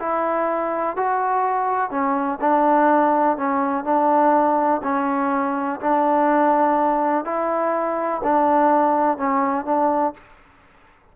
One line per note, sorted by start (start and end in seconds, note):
0.00 0.97 E4
0.97 1.91 F#4
1.91 2.39 C#4
2.41 3.38 D4
3.38 3.85 C#4
3.85 4.82 D4
4.83 5.80 C#4
5.81 7.25 D4
7.25 8.22 E4
8.24 9.18 D4
9.18 9.66 C#4
9.66 10.14 D4